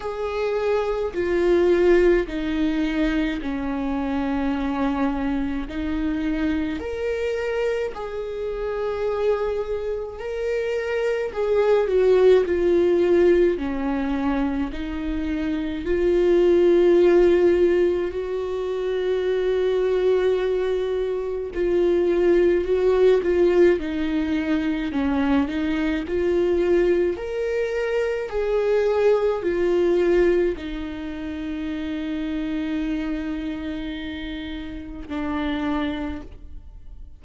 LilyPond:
\new Staff \with { instrumentName = "viola" } { \time 4/4 \tempo 4 = 53 gis'4 f'4 dis'4 cis'4~ | cis'4 dis'4 ais'4 gis'4~ | gis'4 ais'4 gis'8 fis'8 f'4 | cis'4 dis'4 f'2 |
fis'2. f'4 | fis'8 f'8 dis'4 cis'8 dis'8 f'4 | ais'4 gis'4 f'4 dis'4~ | dis'2. d'4 | }